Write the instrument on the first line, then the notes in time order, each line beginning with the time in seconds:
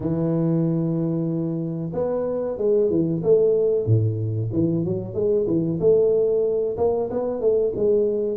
tuba
0.00 E3
1.93 B3
2.57 G#3
2.90 E3
3.23 A3
3.86 A2
4.52 E3
4.84 F#3
5.13 G#3
5.46 E3
5.79 A3
6.77 A#3
7.10 B3
7.40 A3
7.75 G#3